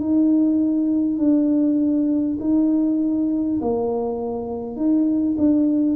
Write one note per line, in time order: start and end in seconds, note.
0.00 1.18 D#4
1.18 2.38 D4
2.40 3.60 D#4
3.61 4.76 A#3
4.76 5.36 D#4
5.38 5.96 D4